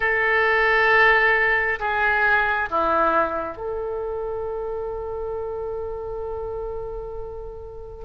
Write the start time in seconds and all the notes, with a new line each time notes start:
0.00 A4
1.79 G#4
2.69 E4
3.57 A4